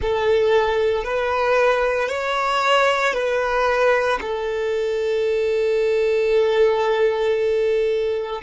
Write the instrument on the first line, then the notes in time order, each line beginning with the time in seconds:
violin
0.01 A4
1.03 B4
2.09 C#5
3.13 B4
4.21 A4